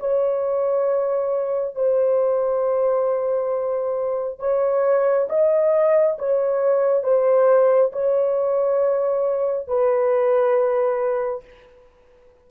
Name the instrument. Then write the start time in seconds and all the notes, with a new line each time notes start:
horn
0.00 C#5
1.76 C5
4.40 C#5
5.29 D#5
6.19 C#5
7.03 C5
7.93 C#5
9.68 B4